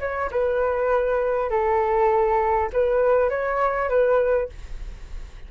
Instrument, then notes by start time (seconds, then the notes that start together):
flute
0.00 C#5
0.31 B4
1.50 A4
2.73 B4
3.29 C#5
3.89 B4